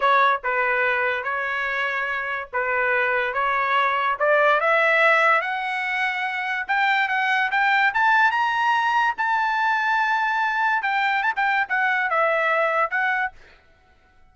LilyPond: \new Staff \with { instrumentName = "trumpet" } { \time 4/4 \tempo 4 = 144 cis''4 b'2 cis''4~ | cis''2 b'2 | cis''2 d''4 e''4~ | e''4 fis''2. |
g''4 fis''4 g''4 a''4 | ais''2 a''2~ | a''2 g''4 a''16 g''8. | fis''4 e''2 fis''4 | }